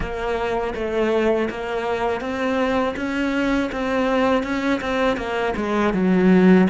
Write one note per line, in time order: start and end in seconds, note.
0.00 0.74 A#3
0.74 1.48 A3
1.50 2.21 A#3
2.21 2.95 C4
2.96 3.70 C#4
3.71 4.43 C4
4.43 4.80 C#4
4.80 5.16 C4
5.16 5.54 A#3
5.56 5.93 G#3
5.93 6.67 F#3